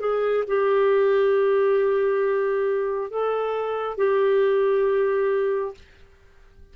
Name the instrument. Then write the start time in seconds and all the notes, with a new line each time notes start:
clarinet
0.00 G#4
0.48 G4
3.10 A4
3.98 G4